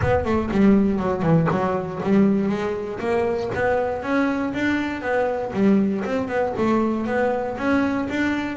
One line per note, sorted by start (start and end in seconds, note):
0.01 0.25 B3
0.25 0.50 A3
0.51 0.99 G3
0.99 1.22 F#3
1.22 1.47 E3
1.50 2.01 F#3
2.03 2.48 G3
2.48 2.99 G#3
2.99 3.50 A#3
3.54 4.02 B3
4.02 4.53 C#4
4.53 5.01 D4
5.01 5.51 B3
5.53 6.03 G3
6.04 6.28 C4
6.28 6.53 B3
6.57 7.06 A3
7.06 7.57 B3
7.57 8.08 C#4
8.09 8.56 D4